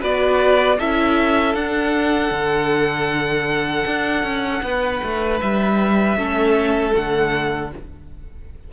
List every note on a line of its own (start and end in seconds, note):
0.00 0.79 B3
0.00 0.77 F#4
0.00 0.78 B4
0.00 0.79 D5
0.79 1.55 C#4
0.79 1.57 E4
0.79 4.63 A4
0.79 1.55 E5
1.55 2.31 D4
1.55 6.18 D4
1.55 5.40 F#5
2.31 3.85 D3
3.87 4.23 D4
4.23 4.62 C#4
4.63 5.01 B3
4.63 6.17 B4
5.03 5.42 A3
5.41 6.17 G3
5.41 6.95 E5
6.17 6.94 A3
6.17 6.92 C#4
6.17 7.71 A4
6.92 7.73 D3
6.92 7.69 A3
6.92 7.72 F#5